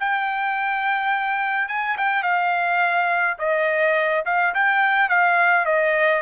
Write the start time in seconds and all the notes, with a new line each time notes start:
0.00 G5
1.68 G#5
1.98 G5
2.23 F5
3.39 D#5
4.25 F5
4.55 G5
5.09 F5
5.65 D#5